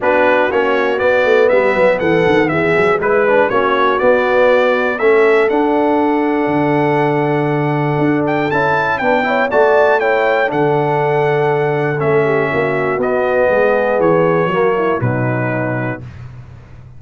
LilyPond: <<
  \new Staff \with { instrumentName = "trumpet" } { \time 4/4 \tempo 4 = 120 b'4 cis''4 d''4 e''4 | fis''4 e''4 b'4 cis''4 | d''2 e''4 fis''4~ | fis''1~ |
fis''8 g''8 a''4 g''4 a''4 | g''4 fis''2. | e''2 dis''2 | cis''2 b'2 | }
  \new Staff \with { instrumentName = "horn" } { \time 4/4 fis'2. b'4 | a'4 gis'4 b'4 fis'4~ | fis'2 a'2~ | a'1~ |
a'2 b'8 cis''8 d''4 | cis''4 a'2.~ | a'8 g'8 fis'2 gis'4~ | gis'4 fis'8 e'8 dis'2 | }
  \new Staff \with { instrumentName = "trombone" } { \time 4/4 d'4 cis'4 b2~ | b2 e'8 d'8 cis'4 | b2 cis'4 d'4~ | d'1~ |
d'4 e'4 d'8 e'8 fis'4 | e'4 d'2. | cis'2 b2~ | b4 ais4 fis2 | }
  \new Staff \with { instrumentName = "tuba" } { \time 4/4 b4 ais4 b8 a8 g8 fis8 | e8 dis8 e8 fis8 gis4 ais4 | b2 a4 d'4~ | d'4 d2. |
d'4 cis'4 b4 a4~ | a4 d2. | a4 ais4 b4 gis4 | e4 fis4 b,2 | }
>>